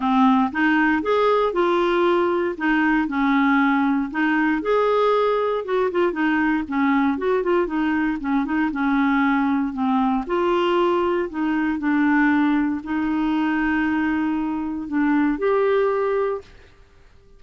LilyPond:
\new Staff \with { instrumentName = "clarinet" } { \time 4/4 \tempo 4 = 117 c'4 dis'4 gis'4 f'4~ | f'4 dis'4 cis'2 | dis'4 gis'2 fis'8 f'8 | dis'4 cis'4 fis'8 f'8 dis'4 |
cis'8 dis'8 cis'2 c'4 | f'2 dis'4 d'4~ | d'4 dis'2.~ | dis'4 d'4 g'2 | }